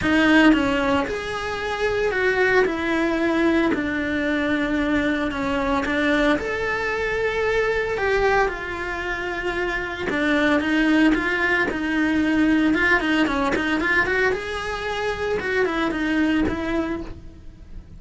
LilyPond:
\new Staff \with { instrumentName = "cello" } { \time 4/4 \tempo 4 = 113 dis'4 cis'4 gis'2 | fis'4 e'2 d'4~ | d'2 cis'4 d'4 | a'2. g'4 |
f'2. d'4 | dis'4 f'4 dis'2 | f'8 dis'8 cis'8 dis'8 f'8 fis'8 gis'4~ | gis'4 fis'8 e'8 dis'4 e'4 | }